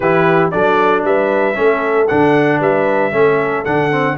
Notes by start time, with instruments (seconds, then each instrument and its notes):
0.00 tuba E3, trombone E4, horn G4, trumpet B4
0.51 tuba F#3, trombone D4, horn A4, trumpet D5
1.03 tuba G3, horn B4, trumpet E5
1.54 tuba A3, trombone C#4, horn A4
2.07 tuba D3, trombone D4, trumpet F#5
2.59 tuba G3, horn B4, trumpet E5
3.11 tuba A3, trombone C#4, horn A4
3.65 tuba D3, trombone D4, trumpet F#5
3.91 trombone C4